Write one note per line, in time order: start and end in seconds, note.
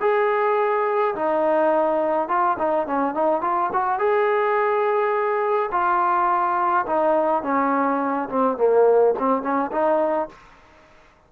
0.00 1.14 G#4
1.15 2.28 D#4
2.28 2.57 F4
2.58 2.86 D#4
2.86 3.14 C#4
3.14 3.41 D#4
3.41 3.69 F4
3.72 3.98 F#4
3.98 5.70 G#4
5.71 6.85 F4
6.85 7.43 D#4
7.43 8.28 C#4
8.29 8.57 C4
8.57 9.14 A#3
9.18 9.42 C4
9.42 9.71 C#4
9.71 10.29 D#4